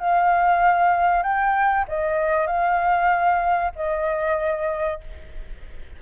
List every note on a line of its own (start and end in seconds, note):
0.00 1.23 F5
1.23 1.86 G5
1.88 2.47 D#5
2.47 3.72 F5
3.76 5.01 D#5